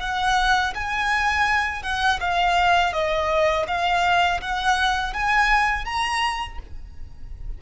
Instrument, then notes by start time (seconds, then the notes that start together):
violin
0.00 F#5
0.74 G#5
1.83 F#5
2.20 F5
2.93 D#5
3.67 F5
4.41 F#5
5.13 G#5
5.85 A#5